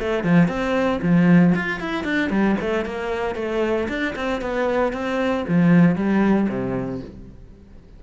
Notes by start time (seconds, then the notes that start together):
0.00 A3
0.24 F3
0.48 C4
1.03 F3
1.56 F4
1.81 E4
2.04 D4
2.30 G3
2.61 A3
2.86 A#3
3.36 A3
3.89 D4
4.16 C4
4.42 B3
4.93 C4
5.48 F3
5.96 G3
6.49 C3